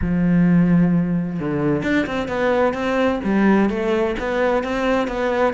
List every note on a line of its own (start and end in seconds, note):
0.01 1.39 F3
1.39 1.83 D3
1.83 2.06 D4
2.06 2.28 C4
2.28 2.73 B3
2.73 3.20 C4
3.23 3.69 G3
3.69 4.15 A3
4.19 4.63 B3
4.63 5.07 C4
5.07 5.53 B3